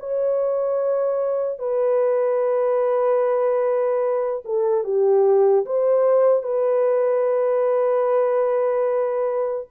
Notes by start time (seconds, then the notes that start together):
0.00 C#5
1.59 B4
4.45 A4
4.85 G4
5.66 C5
6.43 B4